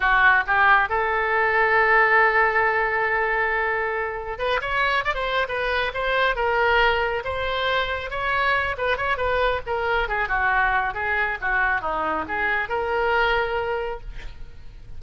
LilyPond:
\new Staff \with { instrumentName = "oboe" } { \time 4/4 \tempo 4 = 137 fis'4 g'4 a'2~ | a'1~ | a'2 b'8 cis''4 d''16 c''16~ | c''8 b'4 c''4 ais'4.~ |
ais'8 c''2 cis''4. | b'8 cis''8 b'4 ais'4 gis'8 fis'8~ | fis'4 gis'4 fis'4 dis'4 | gis'4 ais'2. | }